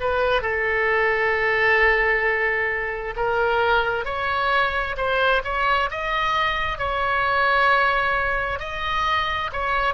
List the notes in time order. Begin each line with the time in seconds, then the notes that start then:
0.00 B4
0.42 A4
3.16 A#4
4.05 C#5
4.97 C5
5.44 C#5
5.90 D#5
6.78 C#5
8.59 D#5
9.52 C#5